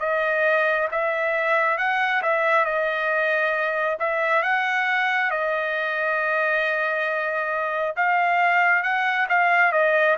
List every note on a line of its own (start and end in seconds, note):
0.00 0.88 D#5
0.91 1.78 E5
1.78 2.22 F#5
2.22 2.65 E5
2.65 3.97 D#5
3.99 4.43 E5
4.43 5.31 F#5
5.31 7.95 D#5
7.96 8.83 F5
8.83 9.27 F#5
9.29 9.72 F5
9.72 10.16 D#5